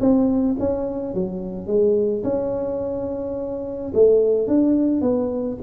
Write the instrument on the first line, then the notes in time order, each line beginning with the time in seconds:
tuba
0.00 C4
0.59 C#4
1.14 F#3
1.67 G#3
2.24 C#4
3.94 A3
4.47 D4
5.01 B3